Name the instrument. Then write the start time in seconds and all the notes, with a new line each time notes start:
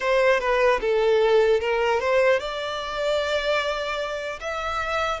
violin
0.00 C5
0.40 B4
0.80 A4
1.60 A#4
2.00 C5
2.39 D5
4.40 E5